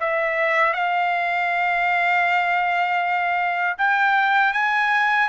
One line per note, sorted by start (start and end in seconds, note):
0.00 0.74 E5
0.74 3.77 F5
3.78 4.53 G5
4.53 5.29 G#5